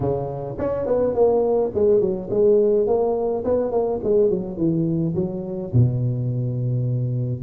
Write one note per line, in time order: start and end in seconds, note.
0.00 0.57 C#3
0.58 0.86 C#4
0.86 1.14 B3
1.14 1.71 A#3
1.74 2.00 G#3
2.00 2.29 F#3
2.30 2.86 G#3
2.86 3.44 A#3
3.44 3.71 B3
3.71 3.99 A#3
4.03 4.29 G#3
4.29 4.57 F#3
4.57 5.14 E3
5.14 5.71 F#3
5.73 7.42 B2